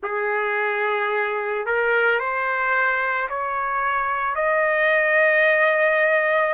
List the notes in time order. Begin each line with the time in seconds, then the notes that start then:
0.02 G#4
1.66 A#4
2.19 C5
3.29 C#5
4.35 D#5